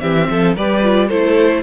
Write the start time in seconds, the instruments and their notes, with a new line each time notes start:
0.00 cello E3, viola C4, violin G4 E5
0.30 cello F3, violin A4
0.57 cello G3, viola G4, violin B4 D5
0.83 viola F4
1.08 cello A3, viola E4, violin A4 C5